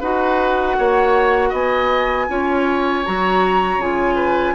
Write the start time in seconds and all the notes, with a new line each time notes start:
0.00 D#4 F#4 B4 F#5
0.78 A#3 C#5
1.49 B3 D#5 G#5
2.28 C#4 F4 C#5
3.05 F#3 F#4 A#5
3.78 C#3 F4 G#5
4.15 B4